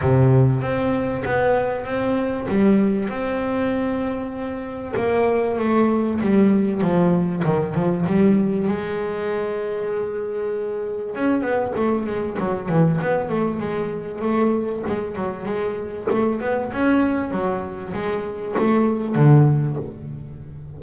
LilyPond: \new Staff \with { instrumentName = "double bass" } { \time 4/4 \tempo 4 = 97 c4 c'4 b4 c'4 | g4 c'2. | ais4 a4 g4 f4 | dis8 f8 g4 gis2~ |
gis2 cis'8 b8 a8 gis8 | fis8 e8 b8 a8 gis4 a4 | gis8 fis8 gis4 a8 b8 cis'4 | fis4 gis4 a4 d4 | }